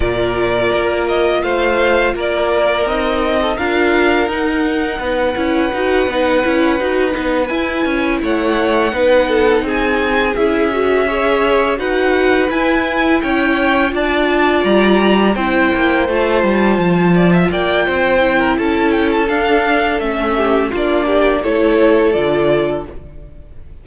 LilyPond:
<<
  \new Staff \with { instrumentName = "violin" } { \time 4/4 \tempo 4 = 84 d''4. dis''8 f''4 d''4 | dis''4 f''4 fis''2~ | fis''2~ fis''8 gis''4 fis''8~ | fis''4. gis''4 e''4.~ |
e''8 fis''4 gis''4 g''4 a''8~ | a''8 ais''4 g''4 a''4.~ | a''8 g''4. a''8 g''16 a''16 f''4 | e''4 d''4 cis''4 d''4 | }
  \new Staff \with { instrumentName = "violin" } { \time 4/4 ais'2 c''4 ais'4~ | ais'8. a'16 ais'2 b'4~ | b'2.~ b'8 cis''8~ | cis''8 b'8 a'8 gis'2 cis''8~ |
cis''8 b'2 cis''4 d''8~ | d''4. c''2~ c''8 | d''16 e''16 d''8 c''8. ais'16 a'2~ | a'8 g'8 f'8 g'8 a'2 | }
  \new Staff \with { instrumentName = "viola" } { \time 4/4 f'1 | dis'4 f'4 dis'4. e'8 | fis'8 dis'8 e'8 fis'8 dis'8 e'4.~ | e'8 dis'2 e'8 fis'8 gis'8~ |
gis'8 fis'4 e'2 f'8~ | f'4. e'4 f'4.~ | f'4. e'4. d'4 | cis'4 d'4 e'4 f'4 | }
  \new Staff \with { instrumentName = "cello" } { \time 4/4 ais,4 ais4 a4 ais4 | c'4 d'4 dis'4 b8 cis'8 | dis'8 b8 cis'8 dis'8 b8 e'8 cis'8 a8~ | a8 b4 c'4 cis'4.~ |
cis'8 dis'4 e'4 cis'4 d'8~ | d'8 g4 c'8 ais8 a8 g8 f8~ | f8 ais8 c'4 cis'4 d'4 | a4 ais4 a4 d4 | }
>>